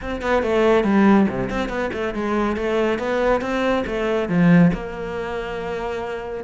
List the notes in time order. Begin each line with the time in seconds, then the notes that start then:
0.01 C4
0.21 B3
0.42 A3
0.84 G3
1.28 C3
1.49 C4
1.69 B3
1.93 A3
2.14 G#3
2.56 A3
2.98 B3
3.41 C4
3.86 A3
4.29 F3
4.73 A#3